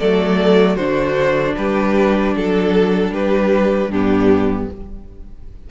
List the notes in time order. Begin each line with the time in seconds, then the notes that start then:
0.00 F#3 A3 A4 D5
0.76 D3 D4 F#4 C5
1.57 G3 G4 B4
2.37 F#3 A4
3.11 G3 G4 B4
3.88 G2 B3 D4 G4